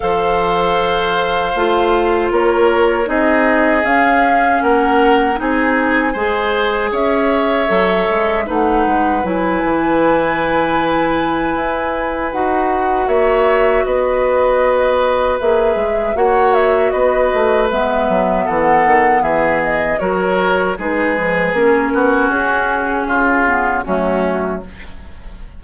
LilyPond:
<<
  \new Staff \with { instrumentName = "flute" } { \time 4/4 \tempo 4 = 78 f''2. cis''4 | dis''4 f''4 fis''4 gis''4~ | gis''4 e''2 fis''4 | gis''1 |
fis''4 e''4 dis''2 | e''4 fis''8 e''8 dis''4 e''4 | fis''4 e''8 dis''8 cis''4 b'4 | ais'4 gis'2 fis'4 | }
  \new Staff \with { instrumentName = "oboe" } { \time 4/4 c''2. ais'4 | gis'2 ais'4 gis'4 | c''4 cis''2 b'4~ | b'1~ |
b'4 cis''4 b'2~ | b'4 cis''4 b'2 | a'4 gis'4 ais'4 gis'4~ | gis'8 fis'4. f'4 cis'4 | }
  \new Staff \with { instrumentName = "clarinet" } { \time 4/4 a'2 f'2 | dis'4 cis'2 dis'4 | gis'2 a'4 dis'4 | e'1 |
fis'1 | gis'4 fis'2 b4~ | b2 fis'4 dis'8 f8 | cis'2~ cis'8 b8 a4 | }
  \new Staff \with { instrumentName = "bassoon" } { \time 4/4 f2 a4 ais4 | c'4 cis'4 ais4 c'4 | gis4 cis'4 fis8 gis8 a8 gis8 | fis8 e2~ e8 e'4 |
dis'4 ais4 b2 | ais8 gis8 ais4 b8 a8 gis8 fis8 | e8 dis8 e4 fis4 gis4 | ais8 b8 cis'4 cis4 fis4 | }
>>